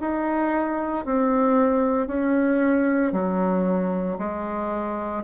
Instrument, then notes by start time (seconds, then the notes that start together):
bassoon
0.00 D#4
1.05 C4
2.07 C#4
3.12 F#3
4.18 G#3